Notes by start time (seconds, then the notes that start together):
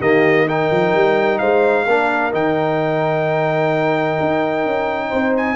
0.00 D#3 A#3 G4 D#5
0.46 D#4 A#4 G5
0.71 F3
0.94 G3
1.38 G#3 C5 F5
1.85 A#3 D4 A#4
2.32 D#3 D#4 G5
4.20 D#4
4.65 C#4
5.08 C4 C5
5.37 G#5